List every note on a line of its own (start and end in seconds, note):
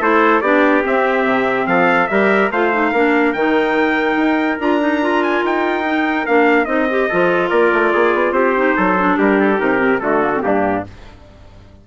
0.00 0.41 A3
0.00 0.43 E4
0.00 0.42 A4
0.00 0.41 C5
0.41 0.83 B3
0.41 0.83 D4
0.41 1.68 G4
0.41 0.82 D5
0.83 2.08 C4
0.83 1.25 C4
0.83 1.67 E5
1.25 1.66 C3
1.66 2.08 F3
1.66 2.10 A4
1.66 2.08 F5
2.08 2.51 G3
2.08 2.51 G4
2.08 2.52 A#4
2.08 2.49 E5
2.51 2.92 A3
2.51 2.72 F4
2.51 2.92 C5
2.51 3.33 F5
2.72 2.93 D#4
2.92 3.34 A#3
2.92 3.36 D4
2.92 7.08 A#4
3.33 4.16 D#3
3.33 4.60 D#4
3.33 4.58 G5
4.16 4.58 D#4
4.60 5.43 D4
4.60 4.80 F4
4.60 5.23 A#5
4.80 5.00 D#4
5.01 5.84 F4
5.23 5.44 G#5
5.43 6.27 D#4
5.43 6.26 G5
5.84 6.26 D#4
6.26 6.66 A#3
6.26 6.66 D4
6.26 6.65 F5
6.65 7.08 C4
6.65 6.87 D#4
6.65 7.48 D#5
6.90 7.11 G4
7.08 7.51 F3
7.08 8.55 F4
7.08 7.49 A4
7.49 7.72 A#3
7.49 7.91 A#4
7.49 8.33 D5
7.73 7.94 A3
7.92 8.14 A#3
7.92 8.34 G#4
8.14 8.31 B3
8.31 8.73 C4
8.31 8.76 G4
8.31 9.16 C5
8.55 8.97 D#4
8.76 9.18 F#3
8.76 9.18 A4
8.98 9.57 D4
9.18 9.60 G3
9.18 10.01 G4
9.18 9.40 A#4
9.40 9.60 A4
9.57 10.01 C3
9.57 9.78 D#4
9.57 10.00 A#4
9.78 9.99 C4
10.00 10.43 D3
10.00 10.21 A3
10.00 10.44 F#4
10.00 10.41 A4
10.21 10.31 A#3
10.35 10.42 C4
10.42 10.86 G2
10.42 10.84 A#3
10.42 10.87 D4
10.42 10.84 G4